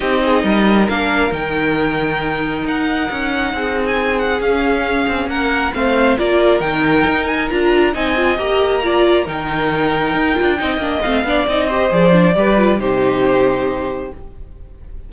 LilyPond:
<<
  \new Staff \with { instrumentName = "violin" } { \time 4/4 \tempo 4 = 136 dis''2 f''4 g''4~ | g''2 fis''2~ | fis''8. gis''8. fis''8 f''2 | fis''4 f''4 d''4 g''4~ |
g''8 gis''8 ais''4 gis''4 ais''4~ | ais''4 g''2.~ | g''4 f''4 dis''4 d''4~ | d''4 c''2. | }
  \new Staff \with { instrumentName = "violin" } { \time 4/4 g'8 gis'8 ais'2.~ | ais'1 | gis'1 | ais'4 c''4 ais'2~ |
ais'2 dis''2 | d''4 ais'2. | dis''4. d''4 c''4. | b'4 g'2. | }
  \new Staff \with { instrumentName = "viola" } { \time 4/4 dis'2 d'4 dis'4~ | dis'1~ | dis'2 cis'2~ | cis'4 c'4 f'4 dis'4~ |
dis'4 f'4 dis'8 f'8 g'4 | f'4 dis'2~ dis'8 f'8 | dis'8 d'8 c'8 d'8 dis'8 g'8 gis'8 d'8 | g'8 f'8 dis'2. | }
  \new Staff \with { instrumentName = "cello" } { \time 4/4 c'4 g4 ais4 dis4~ | dis2 dis'4 cis'4 | c'2 cis'4. c'8 | ais4 a4 ais4 dis4 |
dis'4 d'4 c'4 ais4~ | ais4 dis2 dis'8 d'8 | c'8 ais8 a8 b8 c'4 f4 | g4 c2. | }
>>